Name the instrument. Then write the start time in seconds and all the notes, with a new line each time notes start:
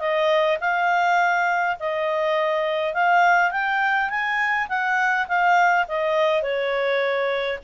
clarinet
0.00 D#5
0.61 F5
1.80 D#5
2.94 F5
3.51 G5
4.10 G#5
4.69 F#5
5.28 F5
5.88 D#5
6.43 C#5